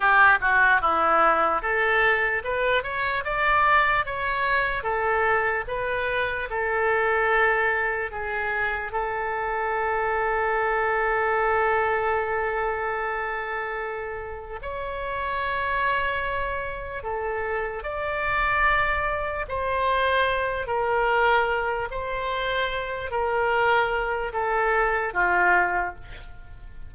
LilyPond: \new Staff \with { instrumentName = "oboe" } { \time 4/4 \tempo 4 = 74 g'8 fis'8 e'4 a'4 b'8 cis''8 | d''4 cis''4 a'4 b'4 | a'2 gis'4 a'4~ | a'1~ |
a'2 cis''2~ | cis''4 a'4 d''2 | c''4. ais'4. c''4~ | c''8 ais'4. a'4 f'4 | }